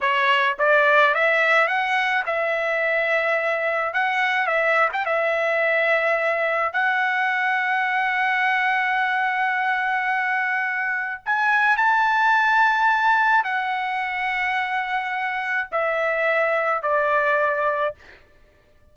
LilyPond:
\new Staff \with { instrumentName = "trumpet" } { \time 4/4 \tempo 4 = 107 cis''4 d''4 e''4 fis''4 | e''2. fis''4 | e''8. g''16 e''2. | fis''1~ |
fis''1 | gis''4 a''2. | fis''1 | e''2 d''2 | }